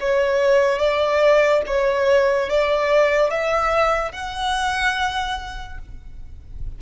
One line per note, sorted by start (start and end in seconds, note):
0.00 0.78 C#5
0.78 1.61 D5
1.66 2.49 C#5
2.49 3.30 D5
3.30 4.12 E5
4.12 5.78 F#5